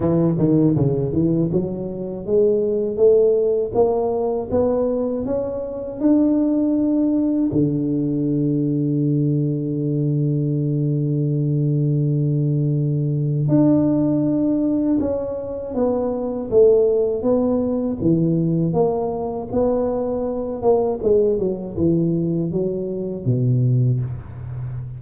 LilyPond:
\new Staff \with { instrumentName = "tuba" } { \time 4/4 \tempo 4 = 80 e8 dis8 cis8 e8 fis4 gis4 | a4 ais4 b4 cis'4 | d'2 d2~ | d1~ |
d2 d'2 | cis'4 b4 a4 b4 | e4 ais4 b4. ais8 | gis8 fis8 e4 fis4 b,4 | }